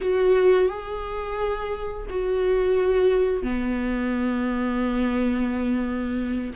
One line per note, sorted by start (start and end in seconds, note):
0.01 0.69 F#4
0.69 2.07 G#4
2.09 3.42 F#4
3.42 6.53 B3